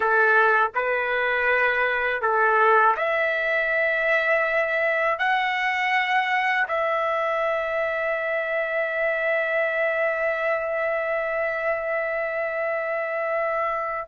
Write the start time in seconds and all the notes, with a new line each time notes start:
0.00 A4
0.74 B4
2.21 A4
2.96 E5
5.18 F#5
6.68 E5